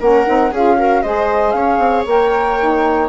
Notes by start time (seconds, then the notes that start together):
0.00 A#3 C#4 A#4 F#5
0.26 C4 D#4
0.52 C#4 F4 G#4 F5
0.78 F#4 A#4
1.02 G#3 G#4 C5 D#5
1.51 C#4 C#5 F5
1.78 C4
2.06 A#3 A#4 G5
2.60 D#4